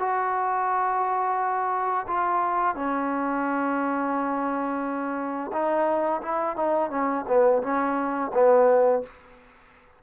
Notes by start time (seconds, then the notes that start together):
0.00 F#4
2.08 F4
2.76 C#4
5.53 D#4
6.22 E4
6.56 D#4
6.91 C#4
7.28 B3
7.63 C#4
8.34 B3